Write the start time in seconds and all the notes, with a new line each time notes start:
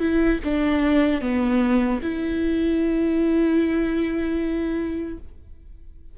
0.00 E4
0.44 D4
1.21 B3
2.02 E4